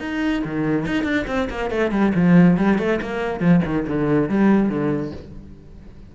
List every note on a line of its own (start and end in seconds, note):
0.00 0.43 D#4
0.45 0.86 D#3
0.86 1.04 D#4
1.04 1.25 D4
1.27 1.49 C4
1.50 1.71 A#3
1.71 1.91 A3
1.91 2.13 G3
2.15 2.57 F3
2.57 2.78 G3
2.78 3.00 A3
3.02 3.40 A#3
3.40 3.61 F3
3.65 3.87 D#3
3.87 4.29 D3
4.29 4.69 G3
4.69 5.12 D3